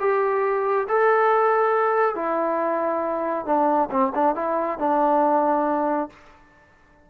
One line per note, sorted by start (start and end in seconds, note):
0.00 0.87 G4
0.88 2.15 A4
2.15 3.45 E4
3.45 3.89 D4
3.91 4.12 C4
4.15 4.35 D4
4.35 4.78 E4
4.79 6.09 D4